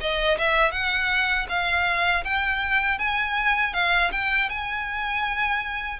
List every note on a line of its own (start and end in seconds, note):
0.00 0.38 D#5
0.38 0.71 E5
0.71 1.46 F#5
1.49 2.24 F5
2.24 2.98 G5
2.98 3.73 G#5
3.73 4.10 F5
4.11 4.49 G5
4.49 5.99 G#5